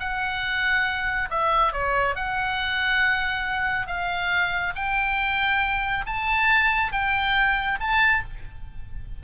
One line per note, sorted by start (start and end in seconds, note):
0.00 1.29 F#5
1.31 1.73 E5
1.73 2.16 C#5
2.16 3.88 F#5
3.88 4.74 F5
4.76 6.05 G5
6.06 6.93 A5
6.93 7.79 G5
7.81 8.24 A5